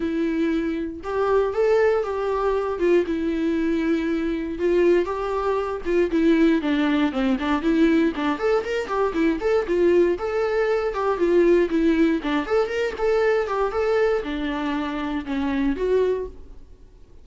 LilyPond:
\new Staff \with { instrumentName = "viola" } { \time 4/4 \tempo 4 = 118 e'2 g'4 a'4 | g'4. f'8 e'2~ | e'4 f'4 g'4. f'8 | e'4 d'4 c'8 d'8 e'4 |
d'8 a'8 ais'8 g'8 e'8 a'8 f'4 | a'4. g'8 f'4 e'4 | d'8 a'8 ais'8 a'4 g'8 a'4 | d'2 cis'4 fis'4 | }